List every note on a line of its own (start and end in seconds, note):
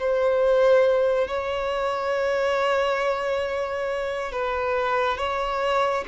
0.00 1.28 C5
1.28 4.32 C#5
4.32 5.18 B4
5.18 6.05 C#5